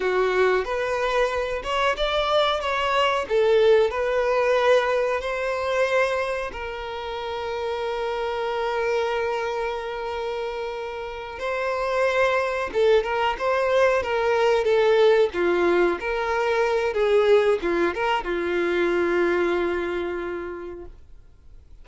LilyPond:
\new Staff \with { instrumentName = "violin" } { \time 4/4 \tempo 4 = 92 fis'4 b'4. cis''8 d''4 | cis''4 a'4 b'2 | c''2 ais'2~ | ais'1~ |
ais'4. c''2 a'8 | ais'8 c''4 ais'4 a'4 f'8~ | f'8 ais'4. gis'4 f'8 ais'8 | f'1 | }